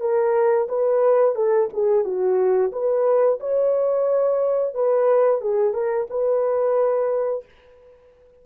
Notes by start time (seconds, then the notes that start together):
0.00 A#4
0.68 B4
1.35 A4
1.73 G#4
2.04 F#4
2.72 B4
3.40 C#5
4.74 B4
5.41 G#4
5.73 A#4
6.10 B4